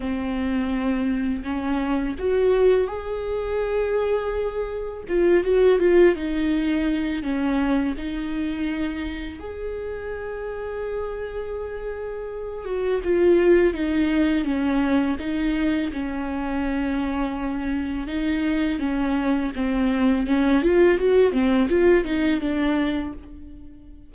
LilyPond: \new Staff \with { instrumentName = "viola" } { \time 4/4 \tempo 4 = 83 c'2 cis'4 fis'4 | gis'2. f'8 fis'8 | f'8 dis'4. cis'4 dis'4~ | dis'4 gis'2.~ |
gis'4. fis'8 f'4 dis'4 | cis'4 dis'4 cis'2~ | cis'4 dis'4 cis'4 c'4 | cis'8 f'8 fis'8 c'8 f'8 dis'8 d'4 | }